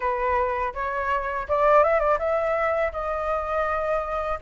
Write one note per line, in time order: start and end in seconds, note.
0.00 0.73 B4
0.74 1.47 C#5
1.48 1.83 D5
1.83 2.00 E5
2.00 2.18 D5
2.19 2.92 E5
2.92 4.38 D#5